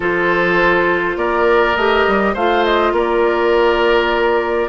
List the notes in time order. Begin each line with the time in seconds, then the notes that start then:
0.00 F3 F4 A4 C5
1.16 A#3 A#4 D5
1.76 A3 G4 D#5
2.07 G3
2.33 A3 F4 C5 F5
2.64 D#5
2.92 A#3 A#4 D5